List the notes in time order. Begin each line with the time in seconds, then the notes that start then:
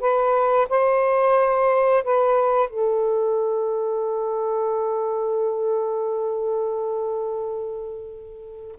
0.00 B4
0.69 C5
2.04 B4
2.70 A4